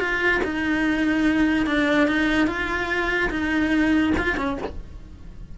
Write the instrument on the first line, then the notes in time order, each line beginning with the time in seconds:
cello
0.00 F4
0.44 D#4
1.66 D4
2.08 D#4
2.48 F4
3.31 D#4
4.18 F4
4.37 C#4